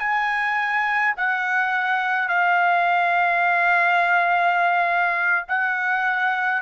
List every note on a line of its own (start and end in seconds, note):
0.00 1.15 G#5
1.17 2.29 F#5
2.29 5.46 F5
5.49 6.62 F#5